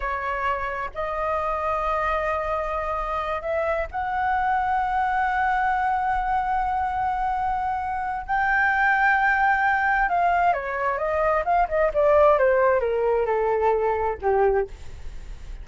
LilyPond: \new Staff \with { instrumentName = "flute" } { \time 4/4 \tempo 4 = 131 cis''2 dis''2~ | dis''2.~ dis''8 e''8~ | e''8 fis''2.~ fis''8~ | fis''1~ |
fis''2 g''2~ | g''2 f''4 cis''4 | dis''4 f''8 dis''8 d''4 c''4 | ais'4 a'2 g'4 | }